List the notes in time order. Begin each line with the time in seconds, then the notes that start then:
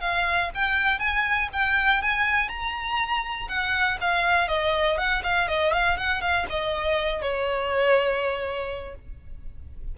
0.00 F5
0.54 G5
0.99 G#5
1.53 G5
2.02 G#5
2.48 A#5
3.48 F#5
4.01 F5
4.48 D#5
4.97 F#5
5.23 F5
5.47 D#5
5.72 F5
5.97 F#5
6.21 F5
6.49 D#5
7.21 C#5